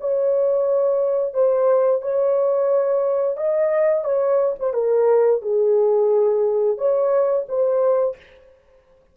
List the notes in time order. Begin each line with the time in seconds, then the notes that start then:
0.00 C#5
1.33 C5
2.01 C#5
3.37 D#5
4.04 C#5
4.59 C5
4.73 A#4
5.41 G#4
6.77 C#5
7.48 C5